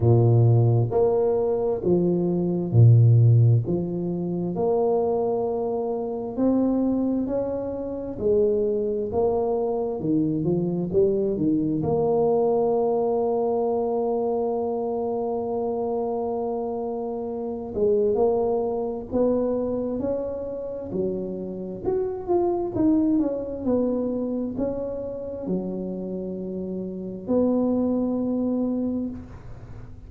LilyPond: \new Staff \with { instrumentName = "tuba" } { \time 4/4 \tempo 4 = 66 ais,4 ais4 f4 ais,4 | f4 ais2 c'4 | cis'4 gis4 ais4 dis8 f8 | g8 dis8 ais2.~ |
ais2.~ ais8 gis8 | ais4 b4 cis'4 fis4 | fis'8 f'8 dis'8 cis'8 b4 cis'4 | fis2 b2 | }